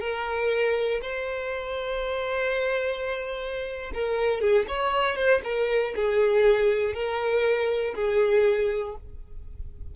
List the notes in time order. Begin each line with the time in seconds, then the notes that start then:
0.00 A#4
1.02 C5
3.94 A#4
4.41 G#4
4.68 C#5
5.16 C5
5.44 A#4
5.95 G#4
6.94 A#4
7.95 G#4